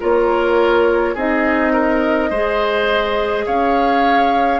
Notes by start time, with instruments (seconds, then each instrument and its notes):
0.00 bassoon A#3, clarinet F4, oboe A#4, flute C#5
1.14 bassoon C4, clarinet D#4, oboe G#4, flute D#5
1.73 oboe A#4
2.30 bassoon G#3, clarinet G#4, oboe C5
3.46 bassoon C#4, oboe C#5, flute F5